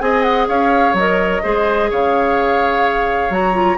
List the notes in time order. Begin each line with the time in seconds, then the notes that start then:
0.00 C4 G#4 D#5 G#5
0.22 F#5
0.48 C#4 C#5 F5
0.93 F#3 A#4 D#5
1.43 G#3 G#4 C5
1.89 C#3 C#5 F5
3.29 F#3 F#4 A#5
3.53 F4